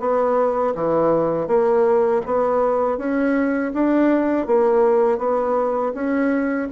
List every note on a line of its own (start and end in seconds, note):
0.00 0.74 B3
0.75 1.48 E3
1.48 2.22 A#3
2.26 2.98 B3
2.98 3.72 C#4
3.74 4.47 D4
4.47 5.19 A#3
5.19 5.93 B3
5.94 6.68 C#4